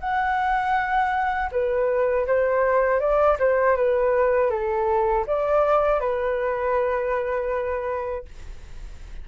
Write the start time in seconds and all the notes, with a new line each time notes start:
0.00 F#5
1.51 B4
2.27 C5
3.00 D5
3.39 C5
3.76 B4
4.50 A4
5.27 D5
6.00 B4